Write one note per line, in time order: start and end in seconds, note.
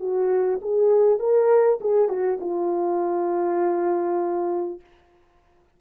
0.00 0.60 F#4
0.62 1.19 G#4
1.19 1.79 A#4
1.81 2.09 G#4
2.09 2.39 F#4
2.41 4.81 F4